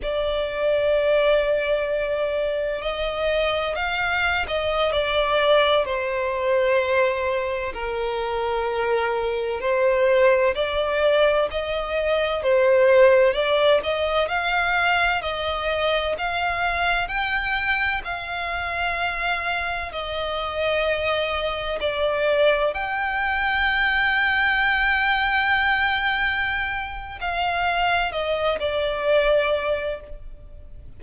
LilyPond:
\new Staff \with { instrumentName = "violin" } { \time 4/4 \tempo 4 = 64 d''2. dis''4 | f''8. dis''8 d''4 c''4.~ c''16~ | c''16 ais'2 c''4 d''8.~ | d''16 dis''4 c''4 d''8 dis''8 f''8.~ |
f''16 dis''4 f''4 g''4 f''8.~ | f''4~ f''16 dis''2 d''8.~ | d''16 g''2.~ g''8.~ | g''4 f''4 dis''8 d''4. | }